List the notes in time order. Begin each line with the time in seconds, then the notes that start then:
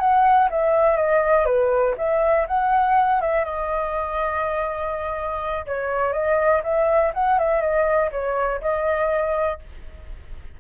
0.00 F#5
0.50 E5
0.97 D#5
1.46 B4
1.97 E5
2.48 F#5
3.21 E5
3.45 D#5
5.66 C#5
6.13 D#5
6.64 E5
7.14 F#5
7.39 E5
7.61 D#5
8.12 C#5
8.61 D#5